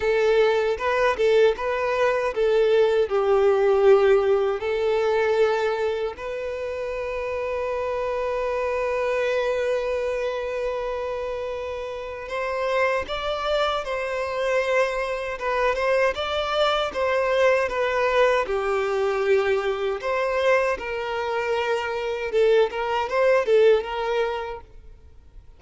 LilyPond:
\new Staff \with { instrumentName = "violin" } { \time 4/4 \tempo 4 = 78 a'4 b'8 a'8 b'4 a'4 | g'2 a'2 | b'1~ | b'1 |
c''4 d''4 c''2 | b'8 c''8 d''4 c''4 b'4 | g'2 c''4 ais'4~ | ais'4 a'8 ais'8 c''8 a'8 ais'4 | }